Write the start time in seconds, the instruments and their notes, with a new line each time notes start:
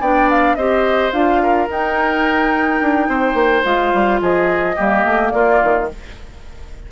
0.00 bassoon B3, clarinet D4, oboe D5, flute G5
0.30 flute F5
0.55 bassoon C4, clarinet G4, oboe C5, flute D#5
1.12 bassoon D4, clarinet F4, flute F5
1.42 oboe A#4
1.68 clarinet D#4, bassoon D#4, flute G5
2.81 bassoon D4
3.08 bassoon C4, oboe C5
3.33 bassoon A#3
3.63 bassoon G#3, clarinet F4, flute F5
3.94 bassoon G3
4.21 bassoon F3, oboe G#4, flute D#5
4.75 bassoon G3, clarinet A#3, oboe G4
5.05 bassoon A3
5.30 bassoon A#3, oboe F4, flute D5
5.63 bassoon D#3